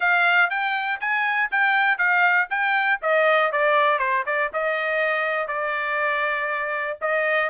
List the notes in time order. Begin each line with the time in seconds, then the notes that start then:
0.00 F5
0.50 G5
1.00 G#5
1.51 G5
1.98 F5
2.50 G5
3.02 D#5
3.52 D5
3.98 C5
4.26 D5
4.52 D#5
5.47 D5
7.01 D#5